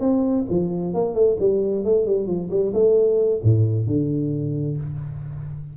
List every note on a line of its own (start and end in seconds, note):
0.00 0.45 C4
0.49 0.94 F3
0.94 1.14 A#3
1.14 1.37 A3
1.40 1.84 G3
1.84 2.06 A3
2.06 2.27 G3
2.27 2.49 F3
2.50 2.73 G3
2.73 3.41 A3
3.43 3.87 A2
3.87 4.77 D3